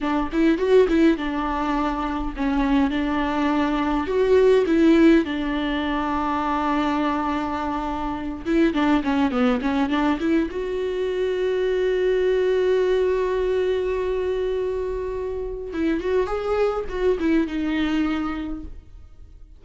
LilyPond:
\new Staff \with { instrumentName = "viola" } { \time 4/4 \tempo 4 = 103 d'8 e'8 fis'8 e'8 d'2 | cis'4 d'2 fis'4 | e'4 d'2.~ | d'2~ d'8 e'8 d'8 cis'8 |
b8 cis'8 d'8 e'8 fis'2~ | fis'1~ | fis'2. e'8 fis'8 | gis'4 fis'8 e'8 dis'2 | }